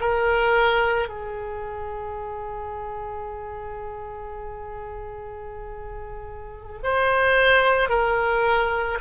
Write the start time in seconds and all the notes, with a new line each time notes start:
0.00 A#4
1.08 G#4
6.83 C5
7.89 A#4